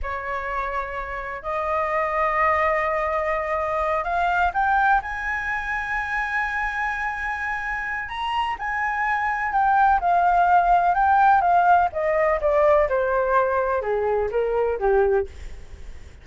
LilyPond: \new Staff \with { instrumentName = "flute" } { \time 4/4 \tempo 4 = 126 cis''2. dis''4~ | dis''1~ | dis''8 f''4 g''4 gis''4.~ | gis''1~ |
gis''4 ais''4 gis''2 | g''4 f''2 g''4 | f''4 dis''4 d''4 c''4~ | c''4 gis'4 ais'4 g'4 | }